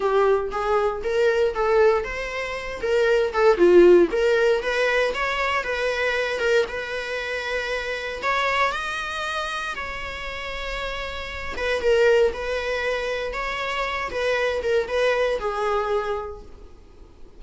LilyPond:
\new Staff \with { instrumentName = "viola" } { \time 4/4 \tempo 4 = 117 g'4 gis'4 ais'4 a'4 | c''4. ais'4 a'8 f'4 | ais'4 b'4 cis''4 b'4~ | b'8 ais'8 b'2. |
cis''4 dis''2 cis''4~ | cis''2~ cis''8 b'8 ais'4 | b'2 cis''4. b'8~ | b'8 ais'8 b'4 gis'2 | }